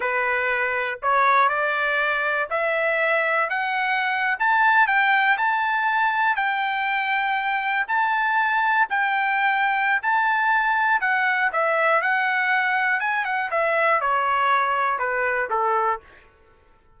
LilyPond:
\new Staff \with { instrumentName = "trumpet" } { \time 4/4 \tempo 4 = 120 b'2 cis''4 d''4~ | d''4 e''2 fis''4~ | fis''8. a''4 g''4 a''4~ a''16~ | a''8. g''2. a''16~ |
a''4.~ a''16 g''2~ g''16 | a''2 fis''4 e''4 | fis''2 gis''8 fis''8 e''4 | cis''2 b'4 a'4 | }